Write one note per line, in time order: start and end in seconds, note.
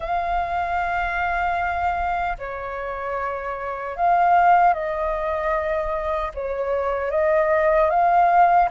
0.00 2.37 F5
2.38 3.96 C#5
3.96 4.73 F5
4.73 6.31 D#5
6.34 7.11 C#5
7.11 7.89 D#5
7.89 8.68 F5